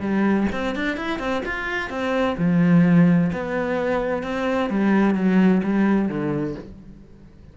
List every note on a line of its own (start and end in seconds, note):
0.00 0.47 G3
0.52 0.75 C4
0.75 0.96 D4
0.96 1.19 E4
1.19 1.42 C4
1.45 1.90 F4
1.90 2.36 C4
2.38 3.31 F3
3.32 4.23 B3
4.23 4.70 C4
4.70 5.15 G3
5.15 5.61 F#3
5.63 6.08 G3
6.08 6.55 D3